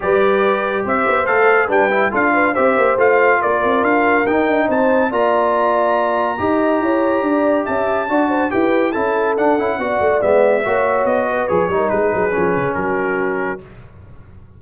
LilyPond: <<
  \new Staff \with { instrumentName = "trumpet" } { \time 4/4 \tempo 4 = 141 d''2 e''4 f''4 | g''4 f''4 e''4 f''4 | d''4 f''4 g''4 a''4 | ais''1~ |
ais''2 a''2 | g''4 a''4 fis''2 | e''2 dis''4 cis''4 | b'2 ais'2 | }
  \new Staff \with { instrumentName = "horn" } { \time 4/4 b'2 c''2 | b'4 a'8 b'8 c''2 | ais'2. c''4 | d''2. dis''4 |
cis''4 d''4 e''4 d''8 c''8 | b'4 a'2 d''4~ | d''4 cis''4. b'4 ais'8 | gis'2 fis'2 | }
  \new Staff \with { instrumentName = "trombone" } { \time 4/4 g'2. a'4 | d'8 e'8 f'4 g'4 f'4~ | f'2 dis'2 | f'2. g'4~ |
g'2. fis'4 | g'4 e'4 d'8 e'8 fis'4 | b4 fis'2 gis'8 dis'8~ | dis'4 cis'2. | }
  \new Staff \with { instrumentName = "tuba" } { \time 4/4 g2 c'8 b8 a4 | g4 d'4 c'8 ais8 a4 | ais8 c'8 d'4 dis'8 d'8 c'4 | ais2. dis'4 |
e'4 d'4 cis'4 d'4 | e'4 cis'4 d'8 cis'8 b8 a8 | gis4 ais4 b4 f8 g8 | gis8 fis8 f8 cis8 fis2 | }
>>